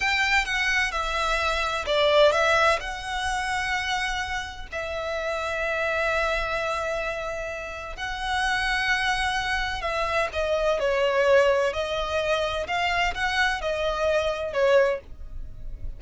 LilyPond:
\new Staff \with { instrumentName = "violin" } { \time 4/4 \tempo 4 = 128 g''4 fis''4 e''2 | d''4 e''4 fis''2~ | fis''2 e''2~ | e''1~ |
e''4 fis''2.~ | fis''4 e''4 dis''4 cis''4~ | cis''4 dis''2 f''4 | fis''4 dis''2 cis''4 | }